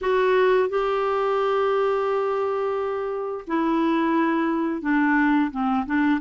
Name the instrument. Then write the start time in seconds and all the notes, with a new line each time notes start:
clarinet
0.01 F#4
0.69 G4
3.47 E4
4.81 D4
5.51 C4
5.86 D4